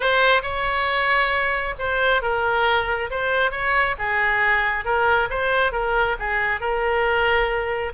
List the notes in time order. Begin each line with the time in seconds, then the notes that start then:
0.00 C5
0.42 C#5
1.78 C5
2.21 A#4
3.10 C5
3.51 C#5
3.98 G#4
4.84 A#4
5.30 C5
5.72 A#4
6.19 G#4
6.60 A#4